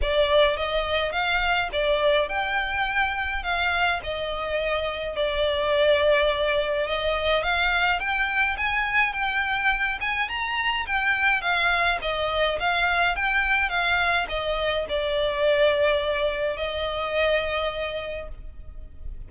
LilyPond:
\new Staff \with { instrumentName = "violin" } { \time 4/4 \tempo 4 = 105 d''4 dis''4 f''4 d''4 | g''2 f''4 dis''4~ | dis''4 d''2. | dis''4 f''4 g''4 gis''4 |
g''4. gis''8 ais''4 g''4 | f''4 dis''4 f''4 g''4 | f''4 dis''4 d''2~ | d''4 dis''2. | }